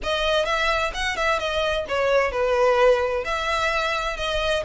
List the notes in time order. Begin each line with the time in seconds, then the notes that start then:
0.03 D#5
0.45 E5
0.93 F#5
1.16 E5
1.39 D#5
1.88 C#5
2.31 B4
3.24 E5
4.16 D#5